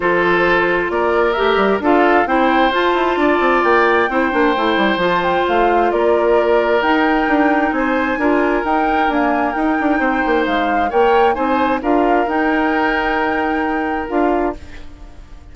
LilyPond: <<
  \new Staff \with { instrumentName = "flute" } { \time 4/4 \tempo 4 = 132 c''2 d''4 e''4 | f''4 g''4 a''2 | g''2. a''8 g''8 | f''4 d''2 g''4~ |
g''4 gis''2 g''4 | gis''4 g''2 f''4 | g''4 gis''4 f''4 g''4~ | g''2. f''4 | }
  \new Staff \with { instrumentName = "oboe" } { \time 4/4 a'2 ais'2 | a'4 c''2 d''4~ | d''4 c''2.~ | c''4 ais'2.~ |
ais'4 c''4 ais'2~ | ais'2 c''2 | cis''4 c''4 ais'2~ | ais'1 | }
  \new Staff \with { instrumentName = "clarinet" } { \time 4/4 f'2. g'4 | f'4 e'4 f'2~ | f'4 e'8 d'8 e'4 f'4~ | f'2. dis'4~ |
dis'2 f'4 dis'4 | ais4 dis'2. | ais'4 dis'4 f'4 dis'4~ | dis'2. f'4 | }
  \new Staff \with { instrumentName = "bassoon" } { \time 4/4 f2 ais4 a8 g8 | d'4 c'4 f'8 e'8 d'8 c'8 | ais4 c'8 ais8 a8 g8 f4 | a4 ais2 dis'4 |
d'4 c'4 d'4 dis'4 | d'4 dis'8 d'8 c'8 ais8 gis4 | ais4 c'4 d'4 dis'4~ | dis'2. d'4 | }
>>